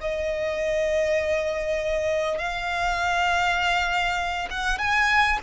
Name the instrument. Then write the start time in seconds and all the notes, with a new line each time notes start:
violin
0.00 D#5
2.38 F5
4.50 F#5
4.78 G#5